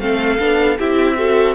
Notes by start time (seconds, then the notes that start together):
0.00 A3 C4 A4 F5
0.39 B3 D4
0.79 C4 E4 G4 E5
1.17 F#4 A4